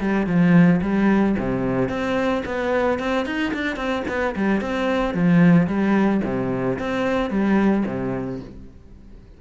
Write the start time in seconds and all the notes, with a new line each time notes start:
0.00 G3
0.27 F3
0.82 G3
1.39 C3
1.89 C4
2.45 B3
2.99 C4
3.26 D#4
3.54 D4
3.76 C4
4.08 B3
4.36 G3
4.61 C4
5.14 F3
5.67 G3
6.24 C3
6.79 C4
7.30 G3
7.86 C3